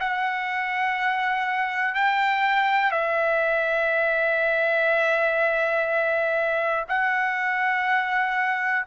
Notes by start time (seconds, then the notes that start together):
0.00 F#5
1.95 G5
2.91 E5
6.89 F#5